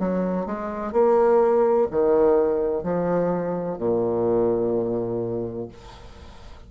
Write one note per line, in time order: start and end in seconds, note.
0.00 0.47 F#3
0.47 0.93 G#3
0.93 1.88 A#3
1.91 2.84 D#3
2.84 3.78 F3
3.78 5.69 A#2